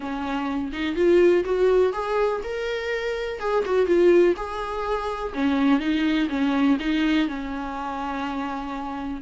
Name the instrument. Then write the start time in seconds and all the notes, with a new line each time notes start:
viola
0.00 C#4
0.72 D#4
0.95 F4
1.45 F#4
1.92 G#4
2.43 A#4
3.39 G#4
3.65 F#4
3.86 F4
4.36 G#4
5.34 C#4
5.79 D#4
6.29 C#4
6.79 D#4
7.28 C#4